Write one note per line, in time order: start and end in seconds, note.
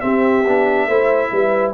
0.00 0.43 C4
0.00 0.47 C4
0.00 0.87 G4
0.00 1.71 E5
0.47 0.87 B3
0.47 0.89 D4
0.87 1.30 A3
0.87 1.74 E4
0.87 1.30 C5
1.31 1.74 G3
1.31 1.74 B4